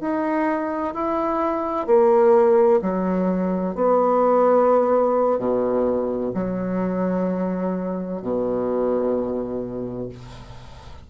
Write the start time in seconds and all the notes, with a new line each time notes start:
0.00 D#4
0.94 E4
1.86 A#3
2.81 F#3
3.75 B3
5.38 B2
6.34 F#3
8.21 B2